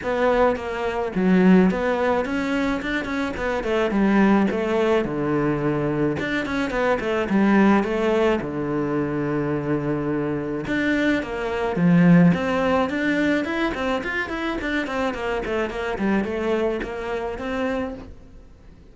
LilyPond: \new Staff \with { instrumentName = "cello" } { \time 4/4 \tempo 4 = 107 b4 ais4 fis4 b4 | cis'4 d'8 cis'8 b8 a8 g4 | a4 d2 d'8 cis'8 | b8 a8 g4 a4 d4~ |
d2. d'4 | ais4 f4 c'4 d'4 | e'8 c'8 f'8 e'8 d'8 c'8 ais8 a8 | ais8 g8 a4 ais4 c'4 | }